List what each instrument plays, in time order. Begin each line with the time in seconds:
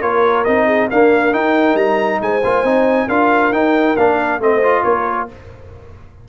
0.00 tuba A#3, trombone F4, horn A#4, trumpet C#5
0.44 tuba C4, trombone D#4, trumpet D#5
0.66 horn G#4
0.90 trombone A#3, tuba D4, horn A#4, trumpet F5
1.32 trombone D#4, tuba D#4, trumpet G5
1.74 tuba G3, trumpet A#5
2.21 tuba G#3, horn C5, trumpet G#5
2.44 tuba A#3, trombone F4
2.64 tuba C4, trombone D#4
3.07 tuba D4, trombone F4, horn A#4, trumpet F5
3.51 tuba D#4, trombone D#4, trumpet G5
3.96 tuba A#3, trombone D4, trumpet F5
4.39 tuba A3, trombone C4, horn C5, trumpet D#5
4.62 trombone F4
4.83 tuba A#3, horn A#4, trumpet C#5